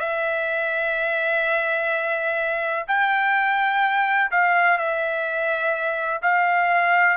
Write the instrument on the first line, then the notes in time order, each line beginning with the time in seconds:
trumpet
0.00 E5
2.88 G5
4.32 F5
4.78 E5
6.23 F5